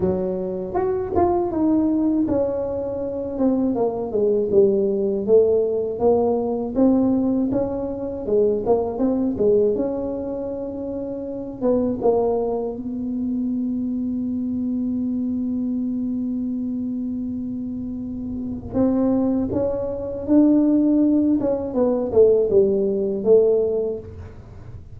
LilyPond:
\new Staff \with { instrumentName = "tuba" } { \time 4/4 \tempo 4 = 80 fis4 fis'8 f'8 dis'4 cis'4~ | cis'8 c'8 ais8 gis8 g4 a4 | ais4 c'4 cis'4 gis8 ais8 | c'8 gis8 cis'2~ cis'8 b8 |
ais4 b2.~ | b1~ | b4 c'4 cis'4 d'4~ | d'8 cis'8 b8 a8 g4 a4 | }